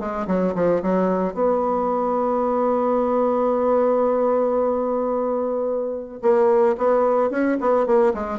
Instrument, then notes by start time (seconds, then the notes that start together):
bassoon
0.00 G#3
0.28 F#3
0.55 F3
0.83 F#3
1.34 B3
6.22 A#3
6.78 B3
7.31 C#4
7.61 B3
7.86 A#3
8.14 G#3